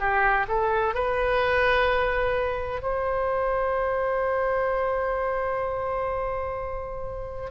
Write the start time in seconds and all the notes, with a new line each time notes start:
0.00 G4
0.48 A4
0.95 B4
2.82 C5